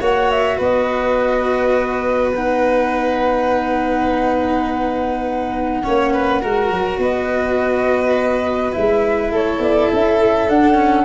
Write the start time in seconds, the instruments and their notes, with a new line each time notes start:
0.00 tuba A#3, cello F#4, violin C#5, flute F#5
0.31 flute E5
0.58 tuba B3, violin B4, flute D#5
2.31 cello D#4, flute F#5
5.83 tuba A#3, cello C#4, violin C#5
6.13 violin B4
6.41 tuba G#3, cello F#4, violin A#4
6.71 tuba F#3
6.98 tuba B3, violin B4, flute D#5
8.73 tuba G#3, cello E4, flute E5
9.31 tuba A3, violin A4, flute C#5
9.59 tuba B3, flute D5
9.93 tuba C#4, flute E5
10.49 cello D4, tuba D4, flute F#5
10.75 cello C#4